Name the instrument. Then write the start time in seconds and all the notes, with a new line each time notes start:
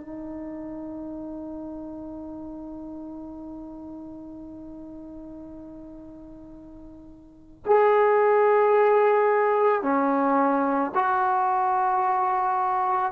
trombone
0.00 D#4
7.66 G#4
9.82 C#4
10.94 F#4